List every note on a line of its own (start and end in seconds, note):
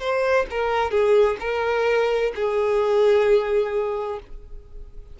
0.00 0.46 C5
0.50 0.91 A#4
0.91 1.37 G#4
1.40 2.32 A#4
2.35 4.20 G#4